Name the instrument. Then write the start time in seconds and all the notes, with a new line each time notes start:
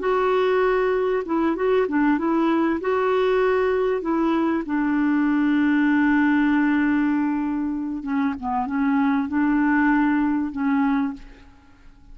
clarinet
0.00 F#4
1.26 E4
1.56 F#4
1.89 D4
2.18 E4
2.81 F#4
4.02 E4
4.66 D4
8.04 C#4
8.40 B3
8.67 C#4
9.28 D4
10.52 C#4